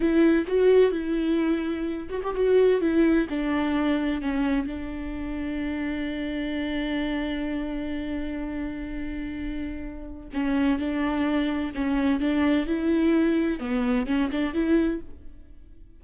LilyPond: \new Staff \with { instrumentName = "viola" } { \time 4/4 \tempo 4 = 128 e'4 fis'4 e'2~ | e'8 fis'16 g'16 fis'4 e'4 d'4~ | d'4 cis'4 d'2~ | d'1~ |
d'1~ | d'2 cis'4 d'4~ | d'4 cis'4 d'4 e'4~ | e'4 b4 cis'8 d'8 e'4 | }